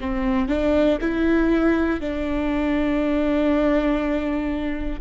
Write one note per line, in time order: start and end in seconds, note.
0.00 0.48 C4
0.48 0.98 D4
1.00 2.00 E4
2.00 5.00 D4